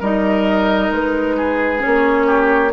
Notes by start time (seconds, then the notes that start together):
0.00 G3 D#4 A#4 D#5
0.90 G#3 B4
1.37 G#4
1.79 C#4 C#5
1.86 A#3
2.27 G4